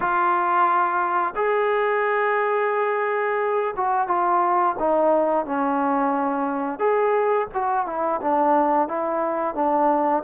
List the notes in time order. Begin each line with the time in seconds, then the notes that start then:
0.00 F4
1.35 G#4
3.76 F#4
4.07 F4
4.79 D#4
5.45 C#4
6.79 G#4
7.53 F#4
7.86 E4
8.21 D4
8.88 E4
9.55 D4